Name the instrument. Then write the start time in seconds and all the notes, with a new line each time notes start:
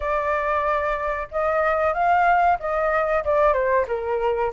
flute
0.00 D5
1.31 D#5
1.93 F5
2.59 D#5
3.24 D5
3.53 C5
3.87 A#4